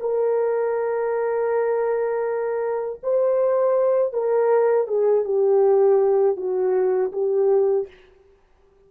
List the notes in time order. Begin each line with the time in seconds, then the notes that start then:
0.00 A#4
3.03 C5
4.13 A#4
4.88 G#4
5.25 G4
6.37 F#4
7.12 G4